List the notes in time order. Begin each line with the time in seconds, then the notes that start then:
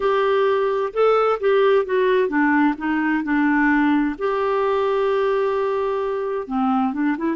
0.00 G4
0.93 A4
1.40 G4
1.85 F#4
2.28 D4
2.77 D#4
3.23 D4
4.18 G4
6.47 C4
6.93 D4
7.17 E4